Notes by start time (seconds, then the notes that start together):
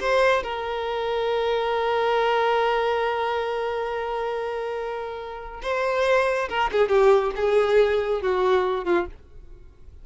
0.00 C5
0.43 A#4
5.62 C5
6.49 A#4
6.71 G#4
6.88 G4
7.35 G#4
8.22 F#4
8.84 F4